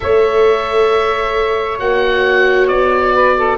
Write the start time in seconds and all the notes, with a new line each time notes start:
0.00 A3 A4 C#5 E5
1.79 A#3 F#4 F#5
2.67 B3 D5
3.14 B4
3.37 A4